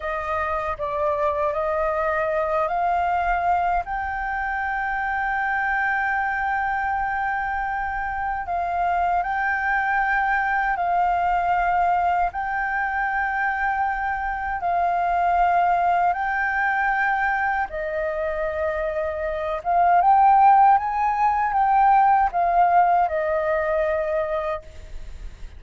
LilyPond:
\new Staff \with { instrumentName = "flute" } { \time 4/4 \tempo 4 = 78 dis''4 d''4 dis''4. f''8~ | f''4 g''2.~ | g''2. f''4 | g''2 f''2 |
g''2. f''4~ | f''4 g''2 dis''4~ | dis''4. f''8 g''4 gis''4 | g''4 f''4 dis''2 | }